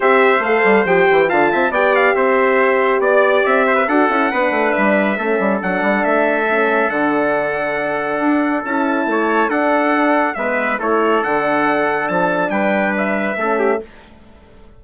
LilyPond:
<<
  \new Staff \with { instrumentName = "trumpet" } { \time 4/4 \tempo 4 = 139 e''4 f''4 g''4 a''4 | g''8 f''8 e''2 d''4 | e''4 fis''2 e''4~ | e''4 fis''4 e''2 |
fis''1 | a''2 fis''2 | e''4 cis''4 fis''2 | a''4 g''4 e''2 | }
  \new Staff \with { instrumentName = "trumpet" } { \time 4/4 c''2. f''8 e''8 | d''4 c''2 d''4~ | d''8 c''16 b'16 a'4 b'2 | a'1~ |
a'1~ | a'4 cis''4 a'2 | b'4 a'2.~ | a'4 b'2 a'8 g'8 | }
  \new Staff \with { instrumentName = "horn" } { \time 4/4 g'4 a'4 g'4 f'4 | g'1~ | g'4 fis'8 e'8 d'2 | cis'4 d'2 cis'4 |
d'1 | e'2 d'2 | b4 e'4 d'2~ | d'2. cis'4 | }
  \new Staff \with { instrumentName = "bassoon" } { \time 4/4 c'4 a8 g8 f8 e8 d8 c'8 | b4 c'2 b4 | c'4 d'8 cis'8 b8 a8 g4 | a8 g8 fis8 g8 a2 |
d2. d'4 | cis'4 a4 d'2 | gis4 a4 d2 | f4 g2 a4 | }
>>